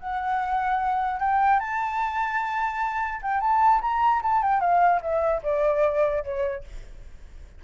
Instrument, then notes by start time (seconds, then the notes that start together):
flute
0.00 F#5
1.20 G5
1.60 A5
3.22 G5
3.41 A5
3.82 A#5
4.23 A5
4.43 G5
4.61 F5
5.02 E5
5.43 D5
6.24 C#5